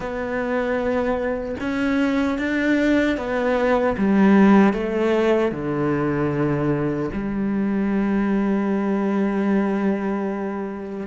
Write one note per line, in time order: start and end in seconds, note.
0.00 1.55 B3
1.60 2.38 C#4
2.38 3.17 D4
3.17 3.96 B3
3.97 4.73 G3
4.73 5.51 A3
5.51 7.09 D3
7.13 11.07 G3